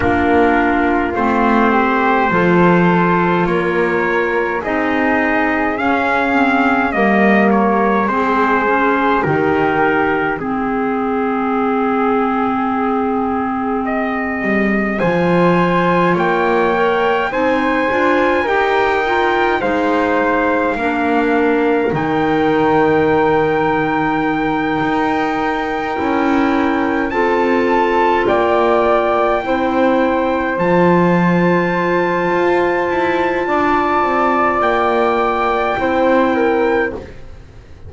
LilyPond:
<<
  \new Staff \with { instrumentName = "trumpet" } { \time 4/4 \tempo 4 = 52 ais'4 c''2 cis''4 | dis''4 f''4 dis''8 cis''8 c''4 | ais'4 gis'2. | dis''4 gis''4 g''4 gis''4 |
g''4 f''2 g''4~ | g''2.~ g''8 a''8~ | a''8 g''2 a''4.~ | a''2 g''2 | }
  \new Staff \with { instrumentName = "flute" } { \time 4/4 f'4. g'8 a'4 ais'4 | gis'2 ais'4 gis'4 | g'4 gis'2.~ | gis'4 c''4 cis''4 c''4 |
ais'4 c''4 ais'2~ | ais'2.~ ais'8 a'8~ | a'8 d''4 c''2~ c''8~ | c''4 d''2 c''8 ais'8 | }
  \new Staff \with { instrumentName = "clarinet" } { \time 4/4 d'4 c'4 f'2 | dis'4 cis'8 c'8 ais4 c'8 cis'8 | dis'4 c'2.~ | c'4 f'4. ais'8 dis'8 f'8 |
g'8 f'8 dis'4 d'4 dis'4~ | dis'2~ dis'8 e'4 f'8~ | f'4. e'4 f'4.~ | f'2. e'4 | }
  \new Staff \with { instrumentName = "double bass" } { \time 4/4 ais4 a4 f4 ais4 | c'4 cis'4 g4 gis4 | dis4 gis2.~ | gis8 g8 f4 ais4 c'8 d'8 |
dis'4 gis4 ais4 dis4~ | dis4. dis'4 cis'4 c'8~ | c'8 ais4 c'4 f4. | f'8 e'8 d'8 c'8 ais4 c'4 | }
>>